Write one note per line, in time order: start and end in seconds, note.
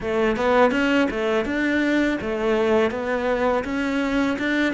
0.00 0.36 A3
0.36 0.71 B3
0.71 1.07 C#4
1.10 1.45 A3
1.45 2.18 D4
2.21 2.91 A3
2.91 3.64 B3
3.64 4.37 C#4
4.38 4.73 D4